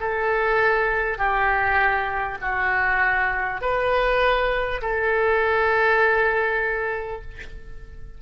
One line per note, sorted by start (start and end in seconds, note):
0.00 1.18 A4
1.18 2.38 G4
2.41 3.61 F#4
3.61 4.81 B4
4.81 7.21 A4